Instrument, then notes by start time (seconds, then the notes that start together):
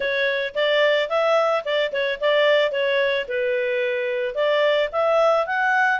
clarinet
0.00 C#5
0.54 D5
1.09 E5
1.64 D5
1.92 C#5
2.20 D5
2.71 C#5
3.28 B4
4.34 D5
4.92 E5
5.46 F#5